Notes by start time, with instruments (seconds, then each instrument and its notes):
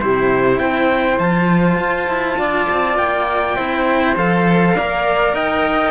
0.00 cello C3 E4, flute G4, trumpet C5
0.59 cello C4, flute C5, trumpet G5
1.19 cello F3 F4, trumpet A5
1.79 cello F4
2.08 cello E4
2.39 cello D4, flute D5
2.70 cello C4
2.98 cello A#3, trumpet G5
3.56 cello C4 E4, flute C5
4.16 cello F3 A4, trumpet F5
4.76 cello A#3 A#4, flute D5
5.34 cello D#4, flute D#5, trumpet G5